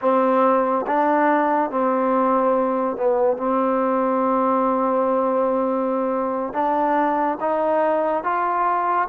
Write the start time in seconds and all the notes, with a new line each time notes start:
0.01 C4
0.86 D4
1.70 C4
2.96 B3
3.37 C4
6.53 D4
7.40 D#4
8.23 F4